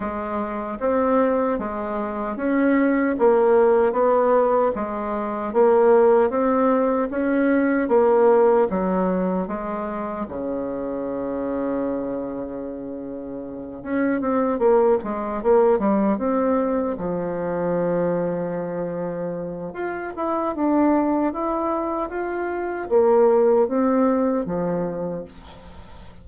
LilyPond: \new Staff \with { instrumentName = "bassoon" } { \time 4/4 \tempo 4 = 76 gis4 c'4 gis4 cis'4 | ais4 b4 gis4 ais4 | c'4 cis'4 ais4 fis4 | gis4 cis2.~ |
cis4. cis'8 c'8 ais8 gis8 ais8 | g8 c'4 f2~ f8~ | f4 f'8 e'8 d'4 e'4 | f'4 ais4 c'4 f4 | }